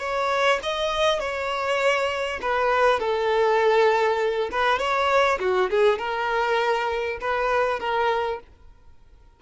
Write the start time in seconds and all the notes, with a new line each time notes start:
0.00 C#5
0.63 D#5
1.20 C#5
2.42 B4
3.00 A4
4.52 B4
4.79 C#5
5.40 F#4
5.71 G#4
5.99 A#4
7.21 B4
7.80 A#4